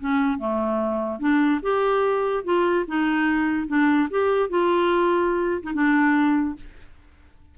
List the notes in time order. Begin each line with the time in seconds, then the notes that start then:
0.00 C#4
0.39 A3
1.19 D4
1.62 G4
2.44 F4
2.87 D#4
3.68 D4
4.10 G4
4.49 F4
5.63 D#4
5.74 D4